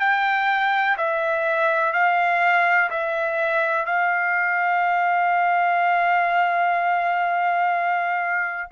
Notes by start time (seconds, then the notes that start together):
0.00 G5
0.98 E5
1.94 F5
2.90 E5
3.86 F5